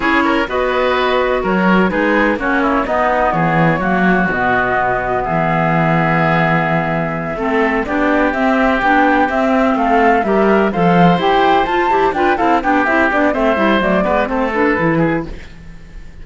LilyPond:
<<
  \new Staff \with { instrumentName = "flute" } { \time 4/4 \tempo 4 = 126 cis''4 dis''2 cis''4 | b'4 cis''4 dis''4 cis''4~ | cis''4 dis''2 e''4~ | e''1~ |
e''8 d''4 e''4 g''4 e''8~ | e''8 f''4 e''4 f''4 g''8~ | g''8 a''4 g''8 f''8 g''8 e''8 d''8 | e''4 d''4 c''8 b'4. | }
  \new Staff \with { instrumentName = "oboe" } { \time 4/4 gis'8 ais'8 b'2 ais'4 | gis'4 fis'8 e'8 dis'4 gis'4 | fis'2. gis'4~ | gis'2.~ gis'8 a'8~ |
a'8 g'2.~ g'8~ | g'8 a'4 ais'4 c''4.~ | c''4. b'8 a'8 g'4. | c''4. b'8 a'4. gis'8 | }
  \new Staff \with { instrumentName = "clarinet" } { \time 4/4 e'4 fis'2. | dis'4 cis'4 b2 | ais4 b2.~ | b2.~ b8 c'8~ |
c'8 d'4 c'4 d'4 c'8~ | c'4. g'4 a'4 g'8~ | g'8 f'8 g'8 f'8 e'8 d'8 e'8 d'8 | c'8 e'8 a8 b8 c'8 d'8 e'4 | }
  \new Staff \with { instrumentName = "cello" } { \time 4/4 cis'4 b2 fis4 | gis4 ais4 b4 e4 | fis4 b,2 e4~ | e2.~ e8 a8~ |
a8 b4 c'4 b4 c'8~ | c'8 a4 g4 f4 e'8~ | e'8 f'8 e'8 d'8 c'8 b8 c'8 b8 | a8 g8 fis8 gis8 a4 e4 | }
>>